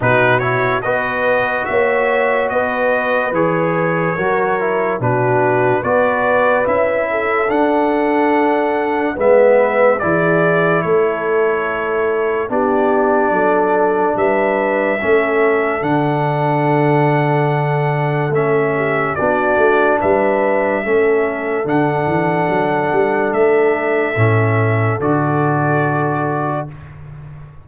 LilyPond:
<<
  \new Staff \with { instrumentName = "trumpet" } { \time 4/4 \tempo 4 = 72 b'8 cis''8 dis''4 e''4 dis''4 | cis''2 b'4 d''4 | e''4 fis''2 e''4 | d''4 cis''2 d''4~ |
d''4 e''2 fis''4~ | fis''2 e''4 d''4 | e''2 fis''2 | e''2 d''2 | }
  \new Staff \with { instrumentName = "horn" } { \time 4/4 fis'4 b'4 cis''4 b'4~ | b'4 ais'4 fis'4 b'4~ | b'8 a'2~ a'8 b'4 | gis'4 a'2 g'4 |
a'4 b'4 a'2~ | a'2~ a'8 g'8 fis'4 | b'4 a'2.~ | a'1 | }
  \new Staff \with { instrumentName = "trombone" } { \time 4/4 dis'8 e'8 fis'2. | gis'4 fis'8 e'8 d'4 fis'4 | e'4 d'2 b4 | e'2. d'4~ |
d'2 cis'4 d'4~ | d'2 cis'4 d'4~ | d'4 cis'4 d'2~ | d'4 cis'4 fis'2 | }
  \new Staff \with { instrumentName = "tuba" } { \time 4/4 b,4 b4 ais4 b4 | e4 fis4 b,4 b4 | cis'4 d'2 gis4 | e4 a2 b4 |
fis4 g4 a4 d4~ | d2 a4 b8 a8 | g4 a4 d8 e8 fis8 g8 | a4 a,4 d2 | }
>>